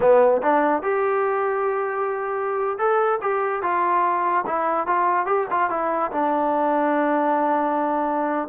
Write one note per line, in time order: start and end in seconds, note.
0.00 0.41 B3
0.42 0.82 D4
0.82 2.78 G4
2.78 3.19 A4
3.21 3.62 G4
3.62 4.45 F4
4.46 4.86 E4
4.86 5.26 F4
5.26 5.46 G4
5.50 5.70 F4
5.70 6.11 E4
6.11 8.48 D4